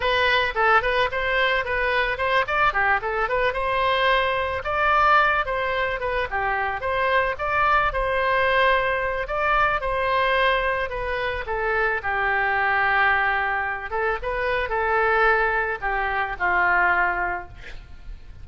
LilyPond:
\new Staff \with { instrumentName = "oboe" } { \time 4/4 \tempo 4 = 110 b'4 a'8 b'8 c''4 b'4 | c''8 d''8 g'8 a'8 b'8 c''4.~ | c''8 d''4. c''4 b'8 g'8~ | g'8 c''4 d''4 c''4.~ |
c''4 d''4 c''2 | b'4 a'4 g'2~ | g'4. a'8 b'4 a'4~ | a'4 g'4 f'2 | }